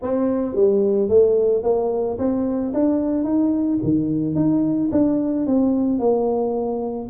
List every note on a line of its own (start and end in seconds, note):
0.01 0.55 C4
0.55 1.09 G3
1.09 1.63 A3
1.63 2.17 A#3
2.18 2.72 C4
2.73 3.24 D4
3.24 3.78 D#4
3.83 4.35 D#3
4.35 4.90 D#4
4.91 5.46 D4
5.46 5.99 C4
5.99 7.08 A#3